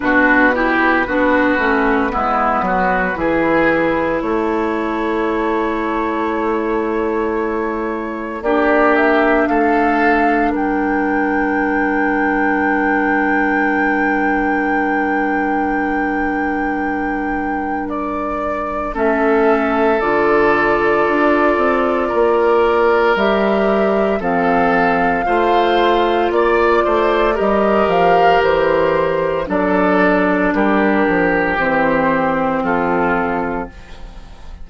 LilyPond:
<<
  \new Staff \with { instrumentName = "flute" } { \time 4/4 \tempo 4 = 57 b'1 | cis''1 | d''8 e''8 f''4 g''2~ | g''1~ |
g''4 d''4 e''4 d''4~ | d''2 e''4 f''4~ | f''4 d''4 dis''8 f''8 c''4 | d''4 ais'4 c''4 a'4 | }
  \new Staff \with { instrumentName = "oboe" } { \time 4/4 fis'8 g'8 fis'4 e'8 fis'8 gis'4 | a'1 | g'4 a'4 ais'2~ | ais'1~ |
ais'2 a'2~ | a'4 ais'2 a'4 | c''4 d''8 c''8 ais'2 | a'4 g'2 f'4 | }
  \new Staff \with { instrumentName = "clarinet" } { \time 4/4 d'8 e'8 d'8 cis'8 b4 e'4~ | e'1 | d'1~ | d'1~ |
d'2 cis'4 f'4~ | f'2 g'4 c'4 | f'2 g'2 | d'2 c'2 | }
  \new Staff \with { instrumentName = "bassoon" } { \time 4/4 b,4 b8 a8 gis8 fis8 e4 | a1 | ais4 a4 g2~ | g1~ |
g2 a4 d4 | d'8 c'8 ais4 g4 f4 | a4 ais8 a8 g8 f8 e4 | fis4 g8 f8 e4 f4 | }
>>